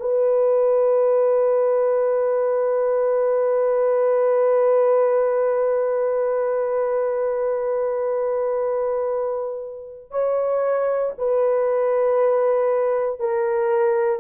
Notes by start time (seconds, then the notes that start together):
0.00 B4
10.11 C#5
11.18 B4
13.20 A#4